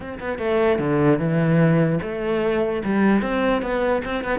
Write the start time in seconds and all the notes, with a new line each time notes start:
0.00 C4
0.20 B3
0.38 A3
0.78 D3
1.18 E3
2.02 A3
2.84 G3
3.21 C4
3.61 B3
4.04 C4
4.24 B3